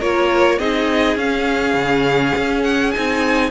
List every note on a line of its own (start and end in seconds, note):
0.00 0.59 A#3
0.00 0.59 F4
0.00 0.59 A#4
0.00 0.59 C#5
0.59 1.17 C4
0.59 1.18 D#4
0.59 3.51 G#4
0.59 1.18 D#5
1.17 1.74 C#4
1.17 2.94 C#4
1.17 2.64 F5
1.74 2.33 C#3
2.37 2.96 C#4
2.64 2.92 F#5
2.92 3.51 C4
2.92 3.51 D#4
2.92 3.50 G#5